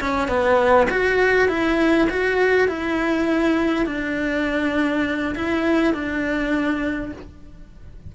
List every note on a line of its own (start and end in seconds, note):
0.00 0.28 C#4
0.28 0.87 B3
0.90 1.48 F#4
1.48 2.08 E4
2.10 2.68 F#4
2.68 3.86 E4
3.86 5.34 D4
5.35 5.94 E4
5.94 7.12 D4